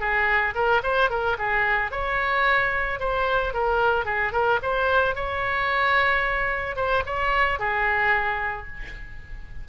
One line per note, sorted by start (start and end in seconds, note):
0.00 0.54 G#4
0.55 0.82 A#4
0.83 1.10 C5
1.10 1.37 A#4
1.38 1.91 G#4
1.91 3.00 C#5
3.00 3.54 C5
3.54 4.05 A#4
4.05 4.32 G#4
4.32 4.59 A#4
4.62 5.15 C5
5.15 6.76 C#5
6.76 7.03 C5
7.06 7.59 C#5
7.59 8.67 G#4